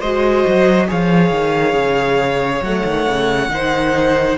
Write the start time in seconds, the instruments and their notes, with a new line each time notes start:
0.00 cello G#3, viola F#4, violin C5 D#5
0.47 cello F#3
0.88 cello F3, viola G#4, violin C#5 F5
1.31 cello D#3
1.74 cello C#3
2.62 cello F#3, viola A3, violin F#5
2.84 cello D#3
3.09 cello C#3
3.49 cello D#3, viola D#4, violin C5